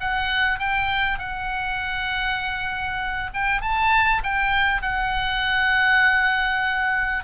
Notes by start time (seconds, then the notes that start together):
0.00 F#5
0.59 G5
1.18 F#5
3.33 G5
3.61 A5
4.23 G5
4.82 F#5